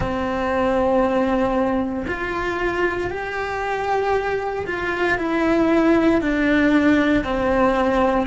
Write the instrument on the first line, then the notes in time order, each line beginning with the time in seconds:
cello
0.00 C4
2.07 F4
3.10 G4
4.66 F4
5.17 E4
6.21 D4
7.24 C4